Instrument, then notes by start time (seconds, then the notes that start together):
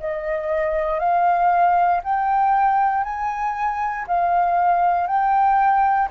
flute
0.00 D#5
1.00 F5
2.04 G5
3.04 G#5
4.08 F5
5.08 G5